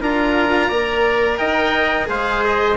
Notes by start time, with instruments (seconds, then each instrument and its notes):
0.00 bassoon D4, cello F4, trumpet A#4, oboe A#5
0.68 bassoon A#3, cello A#4, trumpet D5
1.37 bassoon D#4, trumpet D#5, oboe G5
2.06 bassoon G#3, cello G#4, trumpet C5, oboe F5
2.44 oboe D#5